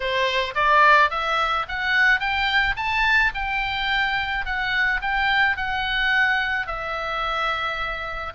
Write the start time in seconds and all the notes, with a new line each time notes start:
0.00 C5
0.54 D5
1.10 E5
1.68 F#5
2.19 G5
2.76 A5
3.34 G5
4.45 F#5
5.01 G5
5.57 F#5
6.66 E5